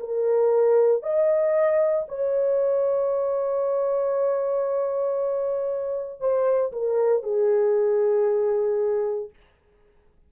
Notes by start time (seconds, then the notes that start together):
0.00 A#4
1.03 D#5
2.09 C#5
6.20 C5
6.73 A#4
7.23 G#4